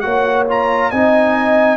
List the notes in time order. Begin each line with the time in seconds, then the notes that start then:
0.00 A#3 F#4 C#5 F#5
0.48 F4 A#5
0.91 C4 D#4 D#5 G#5